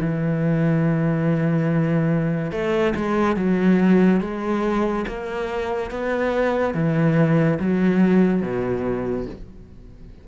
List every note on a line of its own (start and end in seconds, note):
0.00 2.51 E3
2.51 2.93 A3
2.95 3.36 G#3
3.36 4.20 F#3
4.20 5.05 G#3
5.07 5.90 A#3
5.90 6.74 B3
6.74 7.58 E3
7.59 8.42 F#3
8.42 9.26 B2